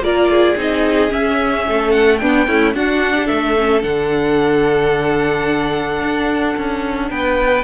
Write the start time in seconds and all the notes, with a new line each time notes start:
0.00 A#3 F4 A#4 D5
0.31 G#4
0.57 C4 D#4 D#5
1.10 C#4 E5
1.68 A3 A4
1.92 F#5
2.18 B3 D4 G5
2.48 A3 C#4 E4
2.75 D4 F#4 F#5
3.16 G4
3.26 A3 A4 E5
3.58 C#4
3.82 D3 D4 F#5
6.02 D4
6.57 C#4
7.10 B3 B4 G5